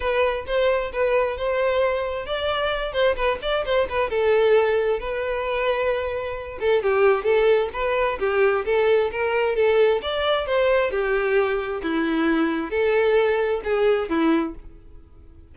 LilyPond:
\new Staff \with { instrumentName = "violin" } { \time 4/4 \tempo 4 = 132 b'4 c''4 b'4 c''4~ | c''4 d''4. c''8 b'8 d''8 | c''8 b'8 a'2 b'4~ | b'2~ b'8 a'8 g'4 |
a'4 b'4 g'4 a'4 | ais'4 a'4 d''4 c''4 | g'2 e'2 | a'2 gis'4 e'4 | }